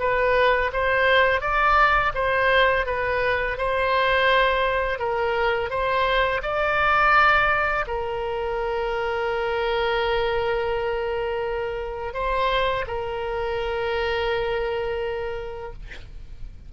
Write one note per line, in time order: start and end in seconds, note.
0.00 0.71 B4
0.73 1.41 C5
1.41 2.13 D5
2.15 2.86 C5
2.86 3.58 B4
3.58 4.99 C5
4.99 5.70 A#4
5.70 6.42 C5
6.43 7.86 D5
7.88 12.14 A#4
12.14 12.85 C5
12.88 15.73 A#4